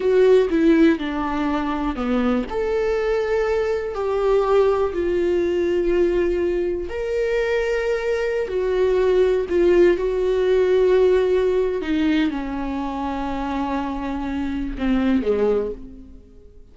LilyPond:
\new Staff \with { instrumentName = "viola" } { \time 4/4 \tempo 4 = 122 fis'4 e'4 d'2 | b4 a'2. | g'2 f'2~ | f'2 ais'2~ |
ais'4~ ais'16 fis'2 f'8.~ | f'16 fis'2.~ fis'8. | dis'4 cis'2.~ | cis'2 c'4 gis4 | }